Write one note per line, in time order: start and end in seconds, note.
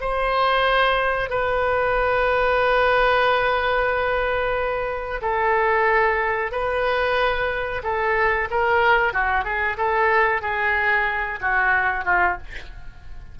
0.00 1.29 C5
1.29 5.21 B4
5.21 6.51 A4
6.51 7.82 B4
7.83 8.48 A4
8.50 9.13 A#4
9.13 9.44 F#4
9.44 9.77 G#4
9.77 10.42 A4
10.42 11.40 G#4
11.40 12.05 F#4
12.05 12.37 F4